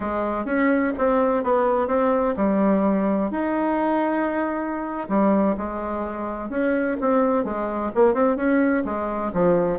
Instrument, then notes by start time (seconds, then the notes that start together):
bassoon
0.00 G#3
0.45 C#4
0.97 C4
1.43 B3
1.87 C4
2.36 G3
3.30 D#4
5.09 G3
5.57 G#3
6.49 C#4
7.00 C4
7.44 G#3
7.95 A#3
8.13 C4
8.36 C#4
8.85 G#3
9.33 F3